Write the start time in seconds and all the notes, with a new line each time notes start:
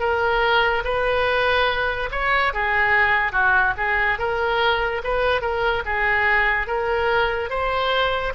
0.00 A#4
0.85 B4
2.12 C#5
2.54 G#4
3.33 F#4
3.78 G#4
4.19 A#4
5.04 B4
5.42 A#4
5.86 G#4
6.68 A#4
7.50 C5